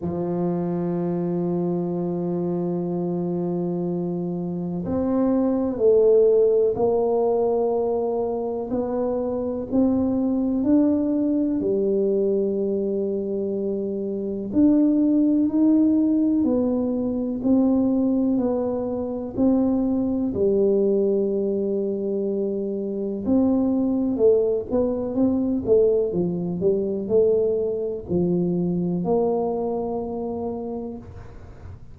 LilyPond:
\new Staff \with { instrumentName = "tuba" } { \time 4/4 \tempo 4 = 62 f1~ | f4 c'4 a4 ais4~ | ais4 b4 c'4 d'4 | g2. d'4 |
dis'4 b4 c'4 b4 | c'4 g2. | c'4 a8 b8 c'8 a8 f8 g8 | a4 f4 ais2 | }